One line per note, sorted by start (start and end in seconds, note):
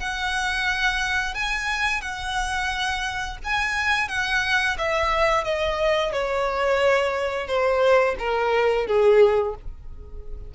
0.00 1.35 F#5
1.35 2.02 G#5
2.02 3.38 F#5
3.44 4.09 G#5
4.09 4.77 F#5
4.78 5.45 E5
5.45 6.13 D#5
6.13 7.48 C#5
7.48 8.16 C5
8.19 8.87 A#4
8.87 9.55 G#4